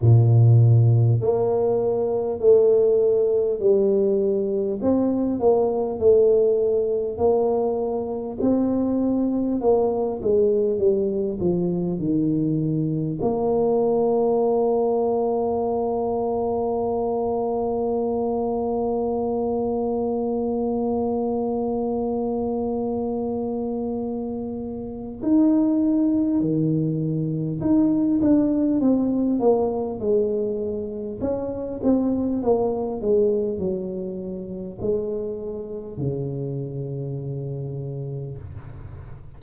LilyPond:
\new Staff \with { instrumentName = "tuba" } { \time 4/4 \tempo 4 = 50 ais,4 ais4 a4 g4 | c'8 ais8 a4 ais4 c'4 | ais8 gis8 g8 f8 dis4 ais4~ | ais1~ |
ais1~ | ais4 dis'4 dis4 dis'8 d'8 | c'8 ais8 gis4 cis'8 c'8 ais8 gis8 | fis4 gis4 cis2 | }